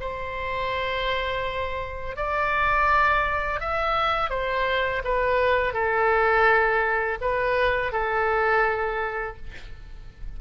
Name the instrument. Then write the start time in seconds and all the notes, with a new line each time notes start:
oboe
0.00 C5
2.16 D5
3.60 E5
4.29 C5
5.04 B4
5.73 A4
7.21 B4
7.92 A4